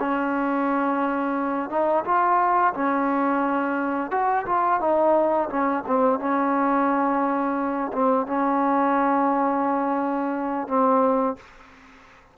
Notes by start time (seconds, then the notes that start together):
0.00 C#4
1.70 D#4
2.05 F4
2.74 C#4
4.11 F#4
4.46 F4
4.81 D#4
5.50 C#4
5.87 C4
6.20 C#4
7.93 C4
8.27 C#4
10.68 C4